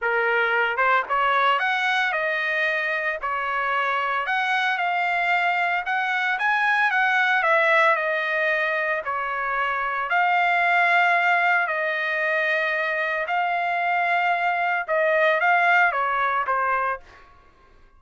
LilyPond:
\new Staff \with { instrumentName = "trumpet" } { \time 4/4 \tempo 4 = 113 ais'4. c''8 cis''4 fis''4 | dis''2 cis''2 | fis''4 f''2 fis''4 | gis''4 fis''4 e''4 dis''4~ |
dis''4 cis''2 f''4~ | f''2 dis''2~ | dis''4 f''2. | dis''4 f''4 cis''4 c''4 | }